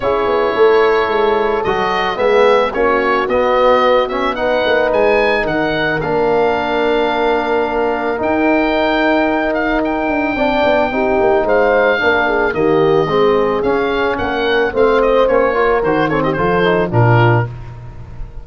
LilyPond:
<<
  \new Staff \with { instrumentName = "oboe" } { \time 4/4 \tempo 4 = 110 cis''2. dis''4 | e''4 cis''4 dis''4. e''8 | fis''4 gis''4 fis''4 f''4~ | f''2. g''4~ |
g''4. f''8 g''2~ | g''4 f''2 dis''4~ | dis''4 f''4 fis''4 f''8 dis''8 | cis''4 c''8 cis''16 dis''16 c''4 ais'4 | }
  \new Staff \with { instrumentName = "horn" } { \time 4/4 gis'4 a'2. | gis'4 fis'2. | b'2 ais'2~ | ais'1~ |
ais'2. d''4 | g'4 c''4 ais'8 gis'8 g'4 | gis'2 ais'4 c''4~ | c''8 ais'4 a'16 g'16 a'4 f'4 | }
  \new Staff \with { instrumentName = "trombone" } { \time 4/4 e'2. fis'4 | b4 cis'4 b4. cis'8 | dis'2. d'4~ | d'2. dis'4~ |
dis'2. d'4 | dis'2 d'4 ais4 | c'4 cis'2 c'4 | cis'8 f'8 fis'8 c'8 f'8 dis'8 d'4 | }
  \new Staff \with { instrumentName = "tuba" } { \time 4/4 cis'8 b8 a4 gis4 fis4 | gis4 ais4 b2~ | b8 ais8 gis4 dis4 ais4~ | ais2. dis'4~ |
dis'2~ dis'8 d'8 c'8 b8 | c'8 ais8 gis4 ais4 dis4 | gis4 cis'4 ais4 a4 | ais4 dis4 f4 ais,4 | }
>>